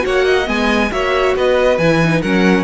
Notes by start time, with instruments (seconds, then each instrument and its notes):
0.00 cello A#3, viola F#4, violin C#5 F#5
0.24 violin D#5
0.46 cello G#3, viola B3, violin G#5
0.91 cello A#3, viola F#4, violin C#5 E5
1.36 cello B3, violin B4 D#5
1.78 cello E3, viola E4, violin G#5
2.03 viola D#4
2.21 cello F#3, viola C#4, violin A#4 F#5